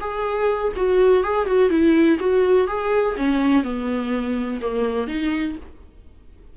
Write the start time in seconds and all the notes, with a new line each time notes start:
0.00 G#4
0.76 F#4
1.23 G#4
1.46 F#4
1.70 E4
2.19 F#4
2.67 G#4
3.16 C#4
3.63 B3
4.61 A#3
5.07 D#4